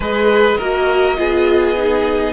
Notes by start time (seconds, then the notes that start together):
0.00 G#3 G#4 B4 D#5
0.57 A#3 F#4 A#4
1.17 B3 F4 G#4
1.76 D#4